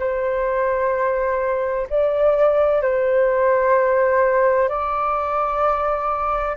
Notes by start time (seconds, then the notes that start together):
0.00 C5
1.90 D5
2.83 C5
4.69 D5